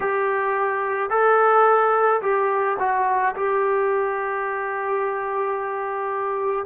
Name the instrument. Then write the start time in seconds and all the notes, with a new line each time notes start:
trombone
0.00 G4
1.10 A4
2.21 G4
2.79 F#4
3.35 G4